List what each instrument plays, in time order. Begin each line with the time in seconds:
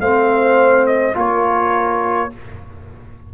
0.00 tuba A3, trombone C4, horn C5, trumpet F5
0.86 trumpet D#5
1.14 tuba A#3, trombone F4, horn A#4, trumpet C#5